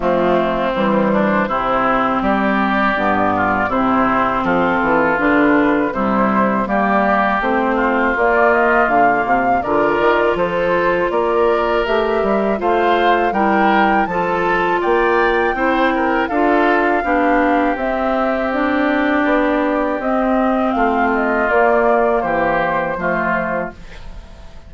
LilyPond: <<
  \new Staff \with { instrumentName = "flute" } { \time 4/4 \tempo 4 = 81 f'4 c''2 d''4~ | d''4 c''4 a'4 b'4 | c''4 d''4 c''4 d''8 dis''8 | f''4 d''4 c''4 d''4 |
e''4 f''4 g''4 a''4 | g''2 f''2 | e''4 d''2 dis''4 | f''8 dis''8 d''4 c''2 | }
  \new Staff \with { instrumentName = "oboe" } { \time 4/4 c'4. d'8 e'4 g'4~ | g'8 f'8 e'4 f'2 | e'4 g'4. f'4.~ | f'4 ais'4 a'4 ais'4~ |
ais'4 c''4 ais'4 a'4 | d''4 c''8 ais'8 a'4 g'4~ | g'1 | f'2 g'4 f'4 | }
  \new Staff \with { instrumentName = "clarinet" } { \time 4/4 a4 g4 c'2 | b4 c'2 d'4 | g4 ais4 c'4 ais4~ | ais4 f'2. |
g'4 f'4 e'4 f'4~ | f'4 e'4 f'4 d'4 | c'4 d'2 c'4~ | c'4 ais2 a4 | }
  \new Staff \with { instrumentName = "bassoon" } { \time 4/4 f4 e4 c4 g4 | g,4 c4 f8 e8 d4 | c4 g4 a4 ais4 | d8 c8 d8 dis8 f4 ais4 |
a8 g8 a4 g4 f4 | ais4 c'4 d'4 b4 | c'2 b4 c'4 | a4 ais4 e4 f4 | }
>>